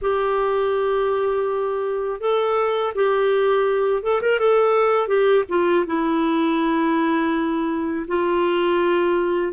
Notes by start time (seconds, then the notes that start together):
0.01 G4
2.20 A4
2.94 G4
4.02 A4
4.21 A#4
4.39 A4
5.07 G4
5.48 F4
5.86 E4
8.07 F4